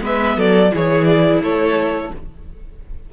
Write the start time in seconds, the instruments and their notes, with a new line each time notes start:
0.00 cello G#3, viola B3, violin B4 E5
0.37 cello F#3, violin A4 D5
0.72 cello E3, viola E4, violin G#4 C#5
1.05 violin D5
1.41 cello A3, violin A4 C#5